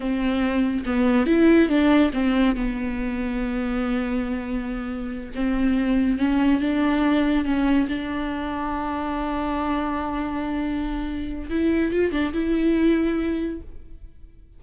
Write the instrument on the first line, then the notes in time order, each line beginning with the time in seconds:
viola
0.00 C4
0.85 B3
1.26 E4
1.68 D4
2.13 C4
2.56 B3
5.35 C4
6.18 C#4
6.60 D4
7.44 C#4
7.88 D4
11.50 E4
11.92 F4
12.11 D4
12.33 E4